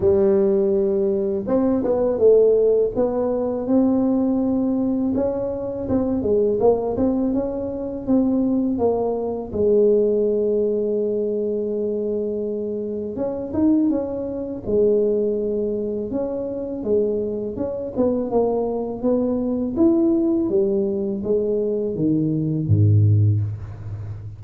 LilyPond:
\new Staff \with { instrumentName = "tuba" } { \time 4/4 \tempo 4 = 82 g2 c'8 b8 a4 | b4 c'2 cis'4 | c'8 gis8 ais8 c'8 cis'4 c'4 | ais4 gis2.~ |
gis2 cis'8 dis'8 cis'4 | gis2 cis'4 gis4 | cis'8 b8 ais4 b4 e'4 | g4 gis4 dis4 gis,4 | }